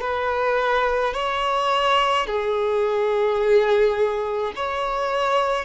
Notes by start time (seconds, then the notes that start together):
0.00 B4
1.13 C#5
2.26 G#4
4.55 C#5